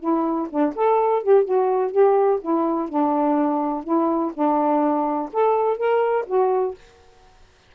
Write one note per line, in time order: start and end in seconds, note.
0.00 0.48 E4
0.50 0.74 D4
0.76 1.23 A4
1.23 1.45 G4
1.45 1.92 F#4
1.92 2.40 G4
2.41 2.89 E4
2.89 3.84 D4
3.84 4.32 E4
4.34 5.30 D4
5.33 5.78 A4
5.78 6.26 A#4
6.27 6.75 F#4